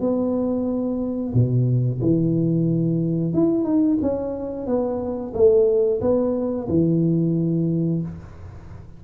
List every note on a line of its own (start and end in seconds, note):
0.00 1.33 B3
1.34 2.00 B2
2.01 3.33 E3
3.33 3.64 E4
3.64 3.98 D#4
4.02 4.66 C#4
4.66 5.33 B3
5.34 6.01 A3
6.01 6.68 B3
6.68 8.02 E3